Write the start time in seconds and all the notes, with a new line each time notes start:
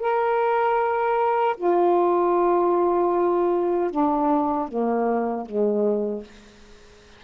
0.00 A#4
1.57 F4
3.91 D4
4.68 A#3
5.46 G#3